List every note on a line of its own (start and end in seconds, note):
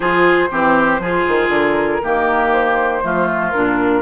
0.00 0.50 F3
0.00 0.49 F4
0.00 0.49 G#4
0.00 1.49 C5
0.50 0.99 E3
0.50 1.01 C4
0.50 1.01 G4
0.99 1.24 F3
0.99 2.02 F4
0.99 2.02 G#4
1.27 1.48 D#3
1.48 1.99 D3
1.48 2.50 A#4
2.02 3.03 D#3
2.02 3.02 A#3
2.02 3.04 G4
2.52 3.51 C5
3.02 3.53 F3
3.02 3.53 A3
3.02 4.01 F4
3.51 4.01 A#2
3.51 4.01 D4
3.51 4.01 A#4